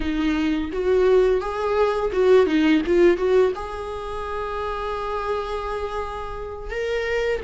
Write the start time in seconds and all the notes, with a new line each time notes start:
0.00 D#4
0.72 F#4
1.40 G#4
2.12 F#4
2.46 D#4
2.86 F4
3.17 F#4
3.55 G#4
6.70 A#4